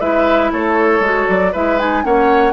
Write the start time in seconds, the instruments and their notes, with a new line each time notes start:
0.00 bassoon G#3, clarinet E4, oboe B4, flute E5
0.52 bassoon A3, oboe A4, flute C#5
1.00 bassoon G#3, clarinet F#4
1.28 bassoon F#3, flute D5
1.52 bassoon G#3, clarinet E4, oboe B4, flute E5
1.79 clarinet D#4, flute G#5
2.03 bassoon A#3, clarinet C#4, oboe C#5, flute F#5